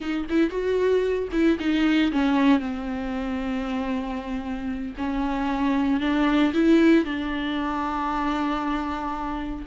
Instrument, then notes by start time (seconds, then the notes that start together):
viola
0.00 D#4
0.29 E4
0.50 F#4
1.31 E4
1.59 D#4
2.11 C#4
2.59 C4
4.97 C#4
6.00 D4
6.53 E4
7.04 D4